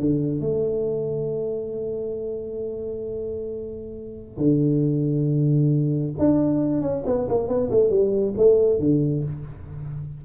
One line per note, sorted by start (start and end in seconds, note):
0.00 0.41 D3
0.41 4.38 A3
4.38 6.14 D3
6.19 6.82 D4
6.82 7.04 C#4
7.07 7.29 B3
7.29 7.49 A#3
7.49 7.71 B3
7.71 7.90 A3
7.90 8.34 G3
8.37 8.80 A3
8.80 9.24 D3